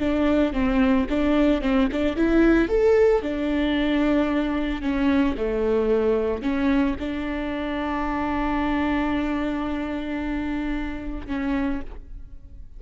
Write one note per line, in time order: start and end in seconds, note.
0.00 0.53 D4
0.53 1.07 C4
1.10 1.62 D4
1.62 1.88 C4
1.92 2.17 D4
2.17 2.69 E4
2.69 3.22 A4
3.22 4.82 D4
4.82 5.36 C#4
5.37 6.43 A3
6.43 6.96 C#4
7.00 11.27 D4
11.27 11.81 C#4